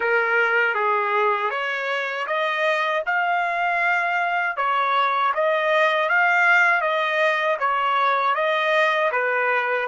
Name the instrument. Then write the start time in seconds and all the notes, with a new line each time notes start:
trumpet
0.00 A#4
0.74 G#4
1.50 C#5
2.26 D#5
3.06 F5
4.56 C#5
5.34 D#5
6.09 F5
6.81 D#5
7.59 C#5
8.34 D#5
9.11 B4